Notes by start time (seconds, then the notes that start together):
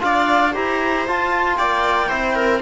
0.00 D4 F4 D5 F5
0.53 E4 G4 C5 A#5
1.08 F4 A5
1.57 A#3 D5 G5
2.09 C4 E4 C5
2.35 A#4